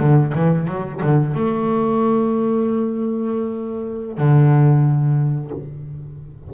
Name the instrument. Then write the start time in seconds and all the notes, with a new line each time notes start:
double bass
0.00 D3
0.35 E3
0.68 F#3
1.03 D3
1.35 A3
4.18 D3